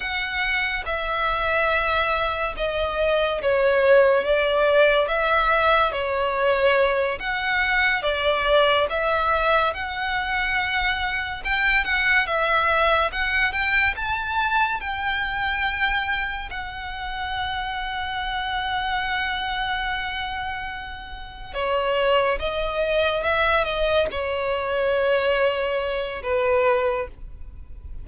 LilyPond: \new Staff \with { instrumentName = "violin" } { \time 4/4 \tempo 4 = 71 fis''4 e''2 dis''4 | cis''4 d''4 e''4 cis''4~ | cis''8 fis''4 d''4 e''4 fis''8~ | fis''4. g''8 fis''8 e''4 fis''8 |
g''8 a''4 g''2 fis''8~ | fis''1~ | fis''4. cis''4 dis''4 e''8 | dis''8 cis''2~ cis''8 b'4 | }